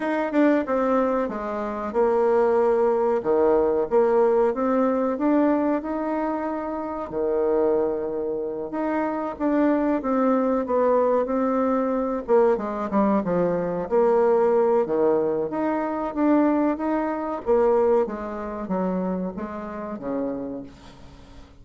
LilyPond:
\new Staff \with { instrumentName = "bassoon" } { \time 4/4 \tempo 4 = 93 dis'8 d'8 c'4 gis4 ais4~ | ais4 dis4 ais4 c'4 | d'4 dis'2 dis4~ | dis4. dis'4 d'4 c'8~ |
c'8 b4 c'4. ais8 gis8 | g8 f4 ais4. dis4 | dis'4 d'4 dis'4 ais4 | gis4 fis4 gis4 cis4 | }